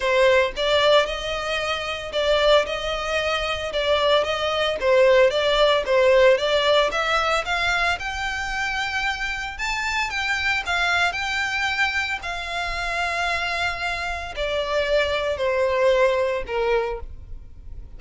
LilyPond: \new Staff \with { instrumentName = "violin" } { \time 4/4 \tempo 4 = 113 c''4 d''4 dis''2 | d''4 dis''2 d''4 | dis''4 c''4 d''4 c''4 | d''4 e''4 f''4 g''4~ |
g''2 a''4 g''4 | f''4 g''2 f''4~ | f''2. d''4~ | d''4 c''2 ais'4 | }